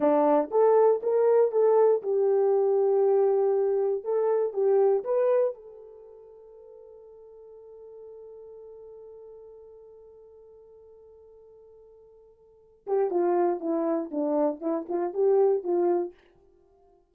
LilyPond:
\new Staff \with { instrumentName = "horn" } { \time 4/4 \tempo 4 = 119 d'4 a'4 ais'4 a'4 | g'1 | a'4 g'4 b'4 a'4~ | a'1~ |
a'1~ | a'1~ | a'4. g'8 f'4 e'4 | d'4 e'8 f'8 g'4 f'4 | }